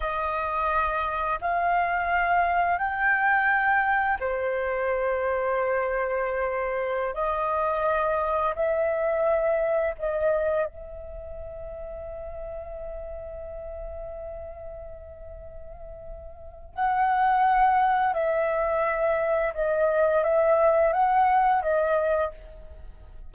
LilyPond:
\new Staff \with { instrumentName = "flute" } { \time 4/4 \tempo 4 = 86 dis''2 f''2 | g''2 c''2~ | c''2~ c''16 dis''4.~ dis''16~ | dis''16 e''2 dis''4 e''8.~ |
e''1~ | e''1 | fis''2 e''2 | dis''4 e''4 fis''4 dis''4 | }